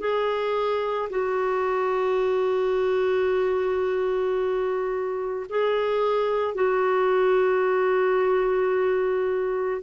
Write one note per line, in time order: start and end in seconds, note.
0.00 1.09 G#4
1.10 5.46 F#4
5.49 6.55 G#4
6.55 9.82 F#4